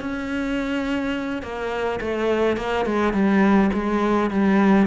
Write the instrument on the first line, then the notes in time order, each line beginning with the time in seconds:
cello
0.00 C#4
1.42 A#3
2.00 A3
2.57 A#3
2.85 G#3
3.13 G3
3.73 G#3
4.30 G3